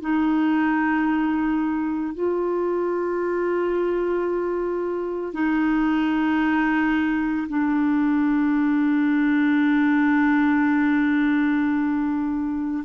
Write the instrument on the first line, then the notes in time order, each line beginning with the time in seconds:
clarinet
0.00 D#4
2.14 F4
5.33 D#4
7.48 D4